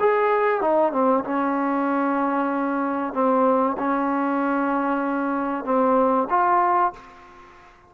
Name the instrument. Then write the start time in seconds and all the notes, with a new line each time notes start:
trombone
0.00 G#4
0.61 D#4
0.92 C4
1.24 C#4
3.14 C4
3.78 C#4
5.65 C4
6.30 F4